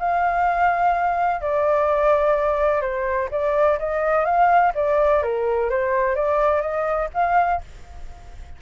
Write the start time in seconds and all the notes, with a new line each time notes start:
0.00 F5
1.42 D5
2.82 C5
3.32 D5
3.79 D#5
4.26 F5
4.75 D5
5.23 A#4
5.70 C5
6.16 D5
6.62 D#5
7.14 F5